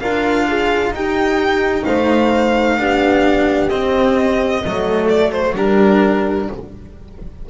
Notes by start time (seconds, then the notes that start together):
0.00 D4 F4 A#4 F5
0.49 G#4
0.91 D#4 G4 G5
1.84 A3 C5 F5
2.78 B3 D4 G4
3.69 C4 D#5
4.65 F#3 A3 A4
5.09 D5
5.32 C5
5.55 G3 D4 G4 A#4